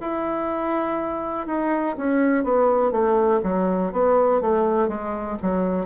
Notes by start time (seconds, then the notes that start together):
0.00 E4
1.46 D#4
1.98 C#4
2.44 B3
2.91 A3
3.43 F#3
3.92 B3
4.41 A3
4.88 G#3
5.42 F#3